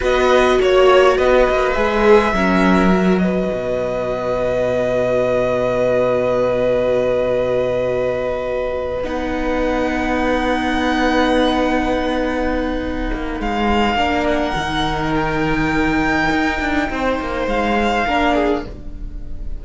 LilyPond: <<
  \new Staff \with { instrumentName = "violin" } { \time 4/4 \tempo 4 = 103 dis''4 cis''4 dis''4 e''4~ | e''4. dis''2~ dis''8~ | dis''1~ | dis''2.~ dis''8 fis''8~ |
fis''1~ | fis''2. f''4~ | f''8 fis''4. g''2~ | g''2 f''2 | }
  \new Staff \with { instrumentName = "violin" } { \time 4/4 b'4 cis''4 b'2 | ais'4. b'2~ b'8~ | b'1~ | b'1~ |
b'1~ | b'1 | ais'1~ | ais'4 c''2 ais'8 gis'8 | }
  \new Staff \with { instrumentName = "viola" } { \time 4/4 fis'2. gis'4 | cis'4 fis'2.~ | fis'1~ | fis'2.~ fis'8 dis'8~ |
dis'1~ | dis'1 | d'4 dis'2.~ | dis'2. d'4 | }
  \new Staff \with { instrumentName = "cello" } { \time 4/4 b4 ais4 b8 ais8 gis4 | fis2 b,2~ | b,1~ | b,2.~ b,8 b8~ |
b1~ | b2~ b8 ais8 gis4 | ais4 dis2. | dis'8 d'8 c'8 ais8 gis4 ais4 | }
>>